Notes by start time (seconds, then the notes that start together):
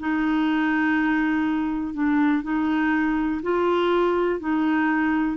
0.00 D#4
1.94 D4
2.43 D#4
3.42 F4
4.40 D#4